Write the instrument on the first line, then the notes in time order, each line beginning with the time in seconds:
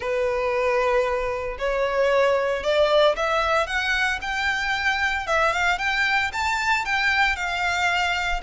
violin
0.00 B4
1.58 C#5
2.63 D5
3.16 E5
3.66 F#5
4.21 G5
5.26 E5
5.52 F5
5.78 G5
6.33 A5
6.85 G5
7.35 F5